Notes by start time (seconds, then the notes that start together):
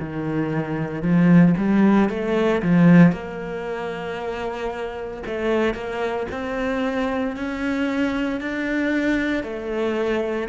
0.00 D#3
1.02 F3
1.57 G3
2.09 A3
2.62 F3
3.12 A#3
5.26 A3
5.74 A#3
6.31 C4
7.36 C#4
8.41 D4
9.44 A3